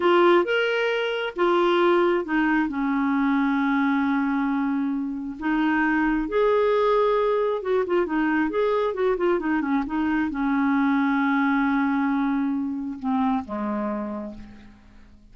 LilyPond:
\new Staff \with { instrumentName = "clarinet" } { \time 4/4 \tempo 4 = 134 f'4 ais'2 f'4~ | f'4 dis'4 cis'2~ | cis'1 | dis'2 gis'2~ |
gis'4 fis'8 f'8 dis'4 gis'4 | fis'8 f'8 dis'8 cis'8 dis'4 cis'4~ | cis'1~ | cis'4 c'4 gis2 | }